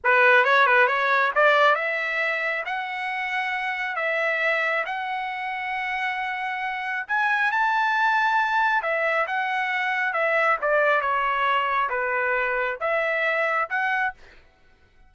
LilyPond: \new Staff \with { instrumentName = "trumpet" } { \time 4/4 \tempo 4 = 136 b'4 cis''8 b'8 cis''4 d''4 | e''2 fis''2~ | fis''4 e''2 fis''4~ | fis''1 |
gis''4 a''2. | e''4 fis''2 e''4 | d''4 cis''2 b'4~ | b'4 e''2 fis''4 | }